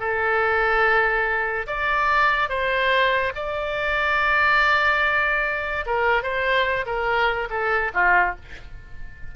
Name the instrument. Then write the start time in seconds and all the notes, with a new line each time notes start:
oboe
0.00 A4
1.67 D5
2.49 C5
3.35 D5
5.86 A#4
6.23 C5
6.86 A#4
7.50 A4
7.95 F4